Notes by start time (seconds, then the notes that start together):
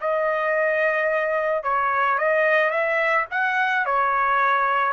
0.00 D#5
1.63 C#5
2.18 D#5
2.70 E5
3.31 F#5
3.85 C#5